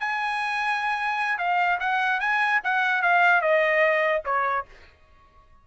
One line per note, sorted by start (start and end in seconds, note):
0.00 1.39 G#5
1.39 1.79 F5
1.80 2.21 F#5
2.21 2.61 G#5
2.64 3.02 F#5
3.02 3.42 F5
3.42 4.23 D#5
4.25 4.66 C#5